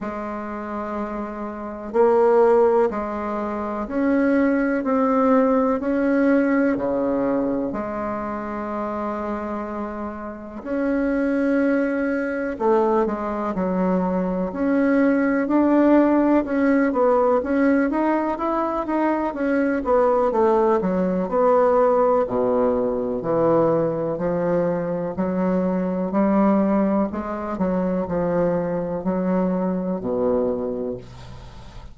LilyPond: \new Staff \with { instrumentName = "bassoon" } { \time 4/4 \tempo 4 = 62 gis2 ais4 gis4 | cis'4 c'4 cis'4 cis4 | gis2. cis'4~ | cis'4 a8 gis8 fis4 cis'4 |
d'4 cis'8 b8 cis'8 dis'8 e'8 dis'8 | cis'8 b8 a8 fis8 b4 b,4 | e4 f4 fis4 g4 | gis8 fis8 f4 fis4 b,4 | }